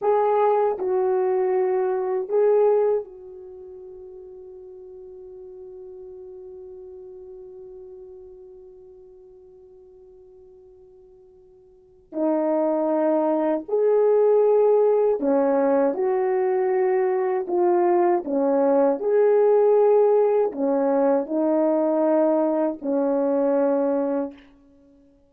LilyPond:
\new Staff \with { instrumentName = "horn" } { \time 4/4 \tempo 4 = 79 gis'4 fis'2 gis'4 | fis'1~ | fis'1~ | fis'1 |
dis'2 gis'2 | cis'4 fis'2 f'4 | cis'4 gis'2 cis'4 | dis'2 cis'2 | }